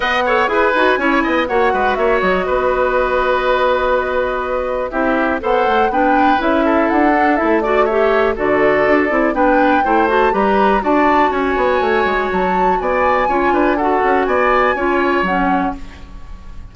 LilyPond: <<
  \new Staff \with { instrumentName = "flute" } { \time 4/4 \tempo 4 = 122 fis''4 gis''2 fis''4 | e''8 dis''2.~ dis''8~ | dis''2 e''4 fis''4 | g''4 e''4 fis''4 e''8 d''8 |
e''4 d''2 g''4~ | g''8 a''8 ais''4 a''4 gis''4~ | gis''4 a''4 gis''2 | fis''4 gis''2 fis''4 | }
  \new Staff \with { instrumentName = "oboe" } { \time 4/4 dis''8 cis''8 b'4 cis''8 dis''8 cis''8 b'8 | cis''4 b'2.~ | b'2 g'4 c''4 | b'4. a'2 d''8 |
cis''4 a'2 b'4 | c''4 b'4 d''4 cis''4~ | cis''2 d''4 cis''8 b'8 | a'4 d''4 cis''2 | }
  \new Staff \with { instrumentName = "clarinet" } { \time 4/4 b'8 a'8 gis'8 fis'8 e'4 fis'4~ | fis'1~ | fis'2 e'4 a'4 | d'4 e'4. d'8 e'8 fis'8 |
g'4 fis'4. e'8 d'4 | e'8 fis'8 g'4 fis'2~ | fis'2. f'4 | fis'2 f'4 cis'4 | }
  \new Staff \with { instrumentName = "bassoon" } { \time 4/4 b4 e'8 dis'8 cis'8 b8 ais8 gis8 | ais8 fis8 b2.~ | b2 c'4 b8 a8 | b4 cis'4 d'4 a4~ |
a4 d4 d'8 c'8 b4 | a4 g4 d'4 cis'8 b8 | a8 gis8 fis4 b4 cis'8 d'8~ | d'8 cis'8 b4 cis'4 fis4 | }
>>